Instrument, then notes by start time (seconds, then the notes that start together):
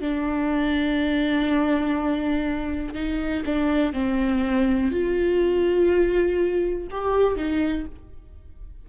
viola
0.00 D4
2.94 D#4
3.45 D4
3.93 C4
4.91 F4
6.90 G4
7.36 D#4